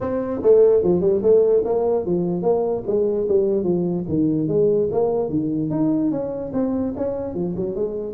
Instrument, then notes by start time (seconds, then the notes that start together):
tuba
0.00 C4
0.42 A3
0.83 F3
1.00 G3
1.22 A3
1.64 A#3
2.05 F3
2.42 A#3
2.86 G#3
3.28 G3
3.63 F3
4.08 D#3
4.48 G#3
4.91 A#3
5.29 D#3
5.70 D#4
6.11 C#4
6.53 C4
6.97 C#4
7.34 F3
7.56 F#3
7.75 G#3